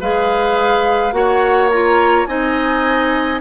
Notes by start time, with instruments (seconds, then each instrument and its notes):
0.00 bassoon G#3, clarinet G#4, oboe B4, flute F5
1.12 bassoon A#3, clarinet F#4, oboe C#5, flute F#5
1.71 clarinet F4, flute A#5
2.26 bassoon C4, clarinet D#4, oboe D#5, flute G#5